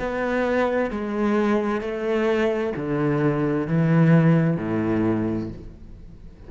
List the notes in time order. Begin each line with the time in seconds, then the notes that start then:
0.00 B3
0.91 G#3
1.81 A3
2.76 D3
3.68 E3
4.57 A2